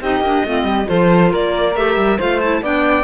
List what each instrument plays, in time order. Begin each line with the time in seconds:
0.00 cello C4, clarinet D#4, flute G4, violin D#5
0.20 cello A#3, clarinet D4
0.44 cello A3, clarinet C4, flute F4
0.63 cello G3, flute G4
0.85 cello F3, clarinet F4, flute A4, violin C5
1.30 cello A#3, flute A#4, violin D5
1.75 cello A3, clarinet G4, violin E5
1.96 cello G3
2.18 cello A3, clarinet F4, flute C5, violin F5
2.40 clarinet E4, violin A5
2.61 cello B3, clarinet D4, flute D5, violin G5